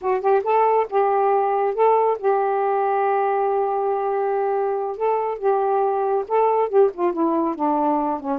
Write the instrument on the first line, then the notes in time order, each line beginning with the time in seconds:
saxophone
0.01 F#4
0.21 G4
0.43 A4
0.89 G4
1.74 A4
2.18 G4
4.97 A4
5.38 G4
6.28 A4
6.68 G4
6.93 F4
7.12 E4
7.55 D4
8.20 C#4